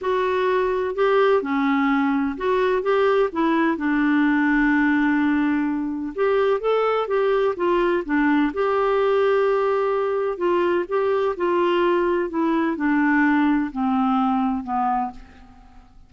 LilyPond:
\new Staff \with { instrumentName = "clarinet" } { \time 4/4 \tempo 4 = 127 fis'2 g'4 cis'4~ | cis'4 fis'4 g'4 e'4 | d'1~ | d'4 g'4 a'4 g'4 |
f'4 d'4 g'2~ | g'2 f'4 g'4 | f'2 e'4 d'4~ | d'4 c'2 b4 | }